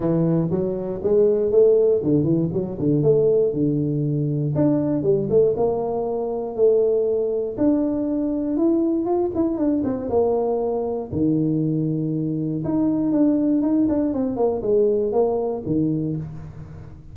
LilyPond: \new Staff \with { instrumentName = "tuba" } { \time 4/4 \tempo 4 = 119 e4 fis4 gis4 a4 | d8 e8 fis8 d8 a4 d4~ | d4 d'4 g8 a8 ais4~ | ais4 a2 d'4~ |
d'4 e'4 f'8 e'8 d'8 c'8 | ais2 dis2~ | dis4 dis'4 d'4 dis'8 d'8 | c'8 ais8 gis4 ais4 dis4 | }